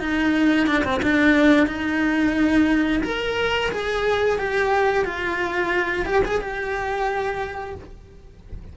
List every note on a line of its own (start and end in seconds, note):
0.00 0.67 D#4
0.67 0.84 D4
0.85 1.01 C4
1.03 1.68 D4
1.68 3.02 D#4
3.04 3.71 A#4
3.72 4.39 G#4
4.39 5.05 G4
5.05 6.06 F4
6.06 6.23 G4
6.26 6.41 G#4
6.41 7.76 G4